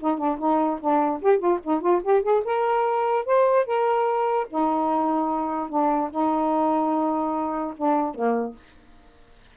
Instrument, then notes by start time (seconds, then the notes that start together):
saxophone
0.00 D#4
0.18 D4
0.39 D#4
0.81 D4
1.22 G4
1.38 F4
1.64 D#4
1.81 F4
2.03 G4
2.23 G#4
2.44 A#4
3.26 C5
3.66 A#4
4.49 D#4
5.69 D4
6.11 D#4
7.77 D4
8.15 A#3